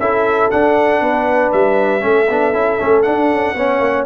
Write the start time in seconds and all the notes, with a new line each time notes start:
0.00 C#4 E4 A4 E5
0.51 D4 F#5
1.01 B3 B4
1.52 G3 E5
2.00 A3 C#4 A4
2.30 B3 D4
2.54 C#4 E4
2.79 A3 C#4
3.03 D4 F#5
3.33 C#4
3.55 B3 C#4 C#5
3.80 A#3